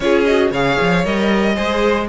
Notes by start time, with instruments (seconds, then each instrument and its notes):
0.00 cello C#4, viola F4, violin G#4 C#5
0.24 viola F#4, violin D#5
0.50 cello C#3, viola G#4, violin C#5 F5
0.81 cello F3
1.04 cello G3, viola A#4, violin D#5
1.55 cello G#3, viola G#4, violin C5